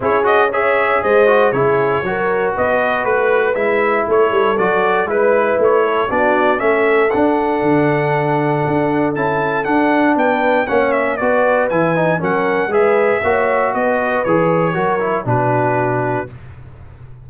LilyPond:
<<
  \new Staff \with { instrumentName = "trumpet" } { \time 4/4 \tempo 4 = 118 cis''8 dis''8 e''4 dis''4 cis''4~ | cis''4 dis''4 b'4 e''4 | cis''4 d''4 b'4 cis''4 | d''4 e''4 fis''2~ |
fis''2 a''4 fis''4 | g''4 fis''8 e''8 d''4 gis''4 | fis''4 e''2 dis''4 | cis''2 b'2 | }
  \new Staff \with { instrumentName = "horn" } { \time 4/4 gis'4 cis''4 c''4 gis'4 | ais'4 b'2. | a'2 b'4. a'8 | fis'4 a'2.~ |
a'1 | b'4 cis''4 b'2 | ais'4 b'4 cis''4 b'4~ | b'4 ais'4 fis'2 | }
  \new Staff \with { instrumentName = "trombone" } { \time 4/4 e'8 fis'8 gis'4. fis'8 e'4 | fis'2. e'4~ | e'4 fis'4 e'2 | d'4 cis'4 d'2~ |
d'2 e'4 d'4~ | d'4 cis'4 fis'4 e'8 dis'8 | cis'4 gis'4 fis'2 | gis'4 fis'8 e'8 d'2 | }
  \new Staff \with { instrumentName = "tuba" } { \time 4/4 cis'2 gis4 cis4 | fis4 b4 a4 gis4 | a8 g8 fis4 gis4 a4 | b4 a4 d'4 d4~ |
d4 d'4 cis'4 d'4 | b4 ais4 b4 e4 | fis4 gis4 ais4 b4 | e4 fis4 b,2 | }
>>